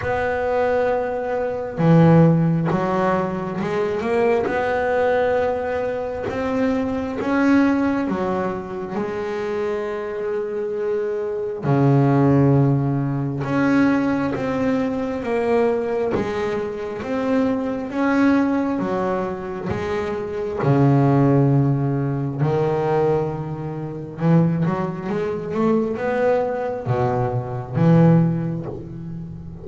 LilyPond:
\new Staff \with { instrumentName = "double bass" } { \time 4/4 \tempo 4 = 67 b2 e4 fis4 | gis8 ais8 b2 c'4 | cis'4 fis4 gis2~ | gis4 cis2 cis'4 |
c'4 ais4 gis4 c'4 | cis'4 fis4 gis4 cis4~ | cis4 dis2 e8 fis8 | gis8 a8 b4 b,4 e4 | }